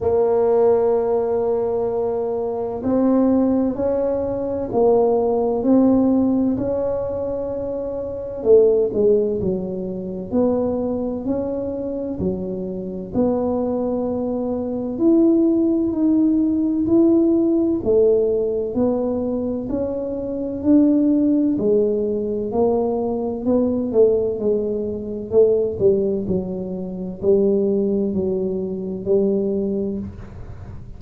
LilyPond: \new Staff \with { instrumentName = "tuba" } { \time 4/4 \tempo 4 = 64 ais2. c'4 | cis'4 ais4 c'4 cis'4~ | cis'4 a8 gis8 fis4 b4 | cis'4 fis4 b2 |
e'4 dis'4 e'4 a4 | b4 cis'4 d'4 gis4 | ais4 b8 a8 gis4 a8 g8 | fis4 g4 fis4 g4 | }